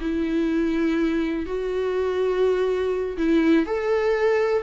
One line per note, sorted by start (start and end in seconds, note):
0.00 1.46 E4
1.46 3.17 F#4
3.17 3.66 E4
3.66 4.63 A4